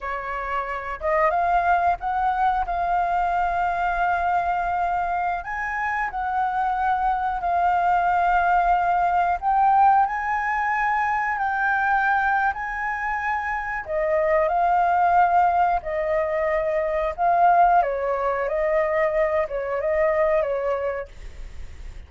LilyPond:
\new Staff \with { instrumentName = "flute" } { \time 4/4 \tempo 4 = 91 cis''4. dis''8 f''4 fis''4 | f''1~ | f''16 gis''4 fis''2 f''8.~ | f''2~ f''16 g''4 gis''8.~ |
gis''4~ gis''16 g''4.~ g''16 gis''4~ | gis''4 dis''4 f''2 | dis''2 f''4 cis''4 | dis''4. cis''8 dis''4 cis''4 | }